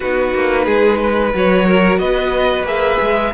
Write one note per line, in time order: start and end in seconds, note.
0.00 0.34 B3
0.00 1.33 D#4
0.00 0.64 F#4
0.00 1.31 B4
0.34 0.66 A#3
0.64 1.33 G#3
0.64 0.98 G#4
0.99 1.66 B4
1.33 1.98 F#3
1.33 2.65 F#4
1.33 1.98 C#5
1.66 1.99 A#4
1.98 2.63 B3
1.98 3.32 B4
1.98 2.65 D#5
2.63 2.96 A#3
2.63 3.32 G#4
2.63 3.34 E5
3.00 3.34 G#3